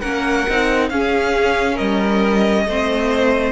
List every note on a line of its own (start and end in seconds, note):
0.00 0.47 A#3
0.00 0.47 C#4
0.00 0.88 A#4
0.00 0.88 F#5
0.49 0.90 C4
0.49 0.92 D#4
0.89 1.78 C#4
0.89 2.68 C#4
0.89 1.74 G#4
0.89 1.77 F5
1.74 2.65 G3
1.74 2.62 A#4
1.74 3.51 D#5
2.65 3.51 A3
2.65 3.51 C4
2.65 3.51 C5